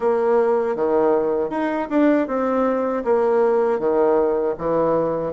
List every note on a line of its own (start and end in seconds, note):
0.00 0.75 A#3
0.75 1.49 D#3
1.49 1.87 D#4
1.90 2.27 D4
2.27 3.03 C4
3.04 3.79 A#3
3.79 4.55 D#3
4.57 5.32 E3